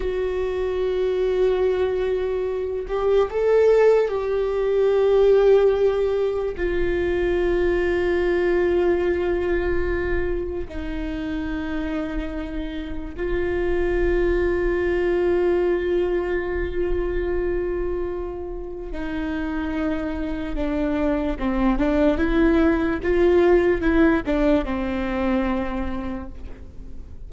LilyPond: \new Staff \with { instrumentName = "viola" } { \time 4/4 \tempo 4 = 73 fis'2.~ fis'8 g'8 | a'4 g'2. | f'1~ | f'4 dis'2. |
f'1~ | f'2. dis'4~ | dis'4 d'4 c'8 d'8 e'4 | f'4 e'8 d'8 c'2 | }